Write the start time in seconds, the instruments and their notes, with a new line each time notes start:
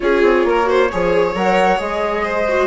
0.00 bassoon C#4, viola F4, violin G#4, flute C#5
0.22 bassoon C4
0.44 bassoon A#3, violin A#4
0.64 viola F#4, violin C5
0.91 bassoon F3, viola G#4, violin C#5
1.34 bassoon F#3, viola A#4, flute F#5
1.77 bassoon G#3, viola G#4, flute D#5
2.24 violin C5
2.48 viola F#4